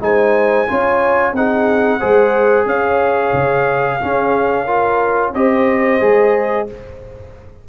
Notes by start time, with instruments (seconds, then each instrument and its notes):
0.00 tuba G#3, trombone D#4, horn C5, trumpet G#5
0.67 tuba C#4, trombone F4, horn C#5
1.33 tuba C4, trombone D#4, horn G#4, trumpet F#5
1.99 tuba G#3, trombone G#4, horn C5
2.65 tuba C#4, horn C#5, trumpet F5
3.33 tuba C#3
4.01 trombone C#4, tuba C#4, horn G#4
4.65 trombone F4, horn A#4
5.33 tuba C4, trombone G4, horn C5, trumpet D#5
6.00 tuba G#3, trombone G#4